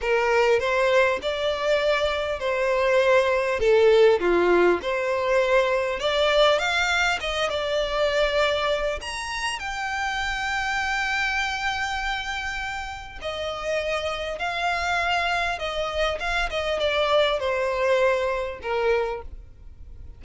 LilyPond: \new Staff \with { instrumentName = "violin" } { \time 4/4 \tempo 4 = 100 ais'4 c''4 d''2 | c''2 a'4 f'4 | c''2 d''4 f''4 | dis''8 d''2~ d''8 ais''4 |
g''1~ | g''2 dis''2 | f''2 dis''4 f''8 dis''8 | d''4 c''2 ais'4 | }